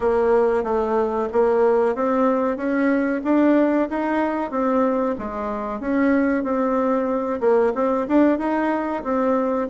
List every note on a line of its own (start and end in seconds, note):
0.00 0.63 A#3
0.63 1.28 A3
1.32 1.95 A#3
1.95 2.56 C4
2.56 3.21 C#4
3.24 3.88 D4
3.89 4.50 D#4
4.50 5.15 C4
5.18 5.79 G#3
5.79 6.43 C#4
6.43 7.40 C4
7.40 7.72 A#3
7.74 8.06 C4
8.08 8.38 D4
8.38 9.03 D#4
9.03 9.68 C4